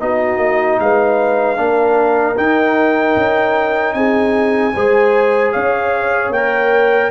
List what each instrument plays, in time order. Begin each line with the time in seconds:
0.00 tuba B3, trombone D#4, horn F#4, trumpet D#5
0.38 tuba A#3
0.80 tuba G#3, horn B4, trumpet F5
1.57 tuba A#3, trombone D4, horn A#4
2.36 trombone D#4, tuba D#4, trumpet G5
3.16 tuba C#4
3.93 tuba C4, horn G#4, trumpet G#5
4.74 tuba G#3, trombone G#4, horn C5
5.52 tuba C#4, horn C#5, trumpet F5
6.30 tuba A#3, trumpet G5
6.36 trombone A#4